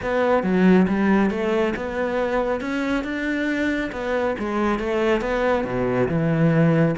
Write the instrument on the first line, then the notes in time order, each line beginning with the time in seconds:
cello
0.01 B3
0.43 F#3
0.88 G3
1.30 A3
1.75 B3
2.60 C#4
3.04 D4
3.92 B3
4.38 G#3
4.79 A3
5.21 B3
5.64 B2
6.08 E3